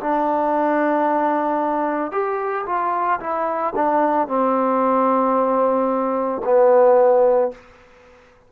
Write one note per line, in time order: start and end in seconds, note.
0.00 2.12 D4
2.12 2.65 G4
2.66 3.20 F4
3.20 3.74 E4
3.76 4.28 D4
4.28 6.42 C4
6.44 7.51 B3